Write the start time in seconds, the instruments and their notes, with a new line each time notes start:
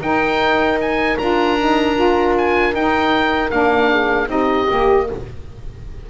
0.00 double bass D#4, saxophone D#4, horn A#4, oboe G5
0.81 oboe G#5
1.18 double bass D4, saxophone F4, oboe A#5
1.59 saxophone D#4
1.95 saxophone F4
2.38 oboe G#5
2.72 saxophone D#4, double bass D#4, oboe G5
3.50 double bass A#3, saxophone D4, oboe F5
3.90 horn G#4
4.27 double bass C4, saxophone D#4, horn G4, oboe D#5
4.67 double bass A#3, saxophone G4